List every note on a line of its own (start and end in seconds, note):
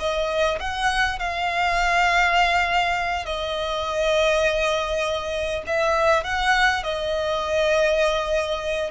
0.00 0.59 D#5
0.60 1.20 F#5
1.20 3.26 F5
3.26 5.64 D#5
5.67 6.24 E5
6.24 6.84 F#5
6.84 8.91 D#5